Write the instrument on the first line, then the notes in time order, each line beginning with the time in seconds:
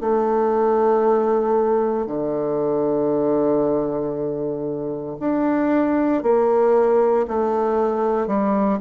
bassoon
0.00 A3
2.06 D3
5.20 D4
6.23 A#3
7.27 A3
8.27 G3